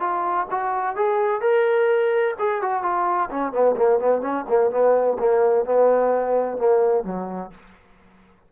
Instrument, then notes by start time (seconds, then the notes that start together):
trombone
0.00 F4
0.51 F#4
0.96 G#4
1.41 A#4
2.39 G#4
2.62 F#4
2.83 F4
3.30 C#4
3.52 B3
3.77 A#3
4.00 B3
4.22 C#4
4.49 A#3
4.71 B3
5.19 A#3
5.65 B3
6.58 A#3
7.04 F#3